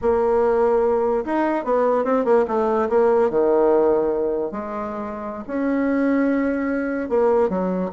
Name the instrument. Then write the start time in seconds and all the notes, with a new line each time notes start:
bassoon
0.01 A#3
1.25 D#4
1.64 B3
2.04 C4
2.24 A#3
2.47 A3
2.89 A#3
3.30 D#3
4.51 G#3
5.47 C#4
7.09 A#3
7.49 F#3